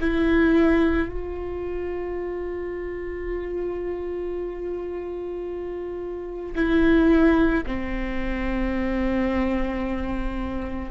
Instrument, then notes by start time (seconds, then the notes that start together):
viola
0.00 E4
1.08 F4
6.55 E4
7.66 C4